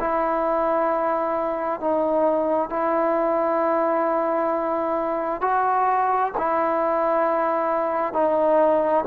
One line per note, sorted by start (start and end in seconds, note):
0.00 1.81 E4
1.81 2.70 D#4
2.70 5.42 E4
5.42 6.33 F#4
6.38 8.14 E4
8.14 9.05 D#4